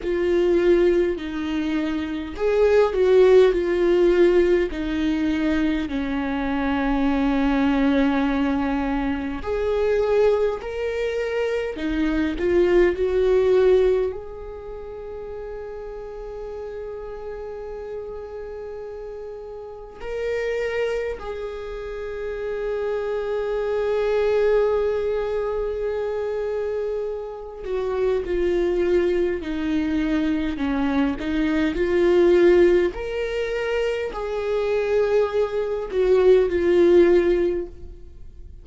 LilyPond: \new Staff \with { instrumentName = "viola" } { \time 4/4 \tempo 4 = 51 f'4 dis'4 gis'8 fis'8 f'4 | dis'4 cis'2. | gis'4 ais'4 dis'8 f'8 fis'4 | gis'1~ |
gis'4 ais'4 gis'2~ | gis'2.~ gis'8 fis'8 | f'4 dis'4 cis'8 dis'8 f'4 | ais'4 gis'4. fis'8 f'4 | }